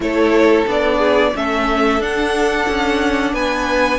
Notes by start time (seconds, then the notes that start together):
0.00 A3 E4 A4 C#5
0.67 B3 D4 D5
0.97 G#4
1.34 A3 C#4 A4 E5
1.99 D4 F#5
2.68 C#4
3.33 B3 B4 G#5